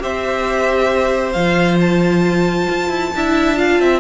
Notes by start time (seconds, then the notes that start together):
0.00 C4 G4 C5 E5
1.33 F3 F4 F5
1.81 A5
2.70 F4
2.89 E4
3.15 D4 E4 E5
3.57 F4 F5
3.80 C4 E5